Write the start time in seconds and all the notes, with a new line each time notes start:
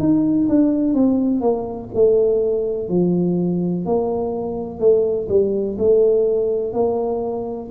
0.00 D#4
0.49 D4
0.94 C4
1.41 A#3
1.94 A3
2.89 F3
3.86 A#3
4.80 A3
5.29 G3
5.78 A3
6.73 A#3